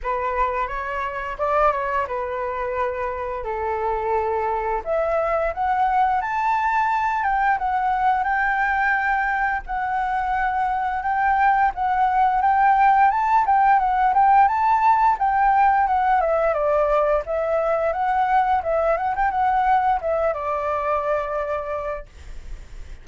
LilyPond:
\new Staff \with { instrumentName = "flute" } { \time 4/4 \tempo 4 = 87 b'4 cis''4 d''8 cis''8 b'4~ | b'4 a'2 e''4 | fis''4 a''4. g''8 fis''4 | g''2 fis''2 |
g''4 fis''4 g''4 a''8 g''8 | fis''8 g''8 a''4 g''4 fis''8 e''8 | d''4 e''4 fis''4 e''8 fis''16 g''16 | fis''4 e''8 d''2~ d''8 | }